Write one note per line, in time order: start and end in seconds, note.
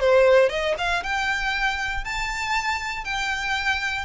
0.00 0.49 C5
0.49 0.74 D#5
0.78 1.03 F5
1.03 2.04 G5
2.04 3.04 A5
3.04 4.05 G5